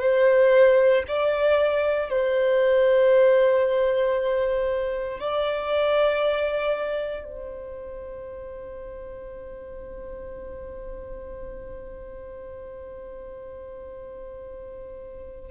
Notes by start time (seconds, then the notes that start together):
0.00 C5
1.08 D5
2.10 C5
5.20 D5
7.24 C5